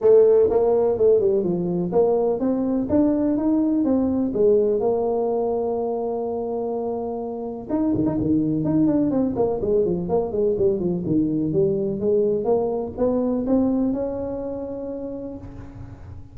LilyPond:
\new Staff \with { instrumentName = "tuba" } { \time 4/4 \tempo 4 = 125 a4 ais4 a8 g8 f4 | ais4 c'4 d'4 dis'4 | c'4 gis4 ais2~ | ais1 |
dis'8 dis16 dis'16 dis4 dis'8 d'8 c'8 ais8 | gis8 f8 ais8 gis8 g8 f8 dis4 | g4 gis4 ais4 b4 | c'4 cis'2. | }